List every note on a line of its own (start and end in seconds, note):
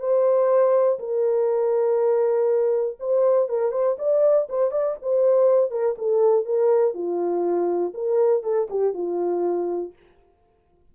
0.00 0.99 C5
1.00 2.98 A#4
3.00 3.49 C5
3.49 3.72 A#4
3.72 3.97 C5
3.99 4.48 D5
4.49 4.72 C5
4.72 4.96 D5
5.02 5.71 C5
5.71 5.96 A#4
5.98 6.46 A4
6.46 6.94 A#4
6.94 7.94 F4
7.94 8.43 A#4
8.43 8.68 A4
8.70 8.94 G4
8.94 9.93 F4